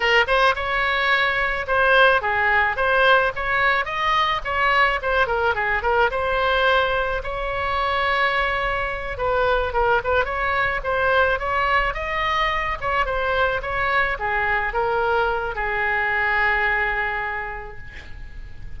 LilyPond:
\new Staff \with { instrumentName = "oboe" } { \time 4/4 \tempo 4 = 108 ais'8 c''8 cis''2 c''4 | gis'4 c''4 cis''4 dis''4 | cis''4 c''8 ais'8 gis'8 ais'8 c''4~ | c''4 cis''2.~ |
cis''8 b'4 ais'8 b'8 cis''4 c''8~ | c''8 cis''4 dis''4. cis''8 c''8~ | c''8 cis''4 gis'4 ais'4. | gis'1 | }